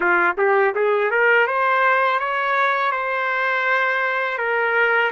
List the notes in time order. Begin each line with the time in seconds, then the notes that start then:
0.00 F4
0.37 G4
0.74 G#4
1.10 A#4
1.47 C5
2.19 C#5
2.91 C5
4.37 A#4